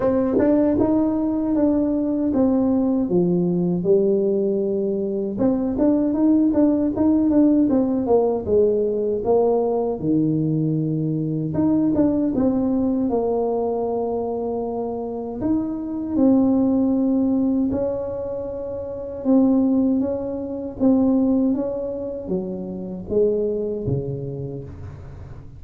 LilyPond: \new Staff \with { instrumentName = "tuba" } { \time 4/4 \tempo 4 = 78 c'8 d'8 dis'4 d'4 c'4 | f4 g2 c'8 d'8 | dis'8 d'8 dis'8 d'8 c'8 ais8 gis4 | ais4 dis2 dis'8 d'8 |
c'4 ais2. | dis'4 c'2 cis'4~ | cis'4 c'4 cis'4 c'4 | cis'4 fis4 gis4 cis4 | }